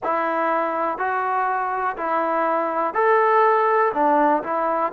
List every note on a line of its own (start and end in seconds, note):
0.03 0.97 E4
0.97 1.96 F#4
1.97 2.93 E4
2.93 3.92 A4
3.93 4.43 D4
4.43 4.92 E4